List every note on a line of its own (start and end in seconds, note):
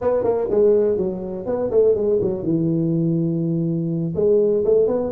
0.01 0.23 B3
0.23 0.48 A#3
0.50 0.97 G#3
0.97 1.46 F#3
1.46 1.70 B3
1.70 1.95 A3
1.95 2.19 G#3
2.21 2.43 F#3
2.43 4.13 E3
4.15 4.63 G#3
4.65 4.87 A3
4.87 5.11 B3